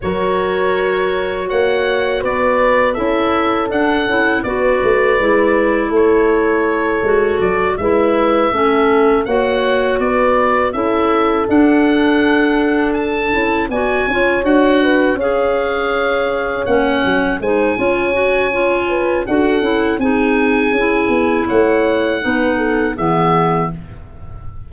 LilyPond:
<<
  \new Staff \with { instrumentName = "oboe" } { \time 4/4 \tempo 4 = 81 cis''2 fis''4 d''4 | e''4 fis''4 d''2 | cis''2 d''8 e''4.~ | e''8 fis''4 d''4 e''4 fis''8~ |
fis''4. a''4 gis''4 fis''8~ | fis''8 f''2 fis''4 gis''8~ | gis''2 fis''4 gis''4~ | gis''4 fis''2 e''4 | }
  \new Staff \with { instrumentName = "horn" } { \time 4/4 ais'2 cis''4 b'4 | a'2 b'2 | a'2~ a'8 b'4 a'8~ | a'8 cis''4 b'4 a'4.~ |
a'2~ a'8 d''8 cis''4 | b'8 cis''2. c''8 | cis''4. b'8 a'4 gis'4~ | gis'4 cis''4 b'8 a'8 gis'4 | }
  \new Staff \with { instrumentName = "clarinet" } { \time 4/4 fis'1 | e'4 d'8 e'8 fis'4 e'4~ | e'4. fis'4 e'4 cis'8~ | cis'8 fis'2 e'4 d'8~ |
d'2 e'8 fis'8 f'8 fis'8~ | fis'8 gis'2 cis'4 dis'8 | f'8 fis'8 f'4 fis'8 e'8 dis'4 | e'2 dis'4 b4 | }
  \new Staff \with { instrumentName = "tuba" } { \time 4/4 fis2 ais4 b4 | cis'4 d'8 cis'8 b8 a8 gis4 | a4. gis8 fis8 gis4 a8~ | a8 ais4 b4 cis'4 d'8~ |
d'2 cis'8 b8 cis'8 d'8~ | d'8 cis'2 ais8 fis8 gis8 | cis'2 d'8 cis'8 c'4 | cis'8 b8 a4 b4 e4 | }
>>